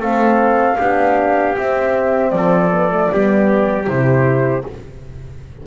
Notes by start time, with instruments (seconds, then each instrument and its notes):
0.00 double bass A3, horn C4, trumpet A4, flute F5
0.79 double bass B3, horn D4, trumpet G4
1.57 horn C4, double bass C4, flute E5
2.31 double bass F3, trumpet A4, flute D5
2.71 horn B3
2.90 horn A3
3.12 double bass G3, horn B3, trumpet G4
3.86 double bass C3, horn E4, flute C5